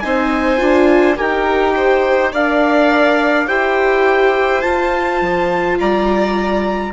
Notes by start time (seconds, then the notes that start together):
0.00 C4 D#4 C5 G#5
0.58 D4 F4
1.17 D#4 G4 A#4 G5
1.76 C5
2.33 D4 A#4 D5 F5
3.48 E4 G4 C5 G5
4.62 F4 A5
5.21 F3
5.80 G3 D5 A#5